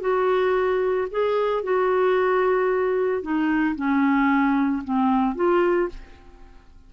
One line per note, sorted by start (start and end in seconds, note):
0.00 1.07 F#4
1.11 1.63 G#4
1.63 3.22 F#4
3.22 3.75 D#4
3.75 4.83 C#4
4.84 5.35 C4
5.35 5.89 F4